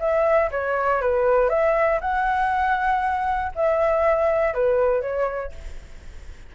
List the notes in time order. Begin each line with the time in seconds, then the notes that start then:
0.00 E5
0.52 C#5
1.02 B4
1.50 E5
2.01 F#5
3.56 E5
4.55 B4
5.02 C#5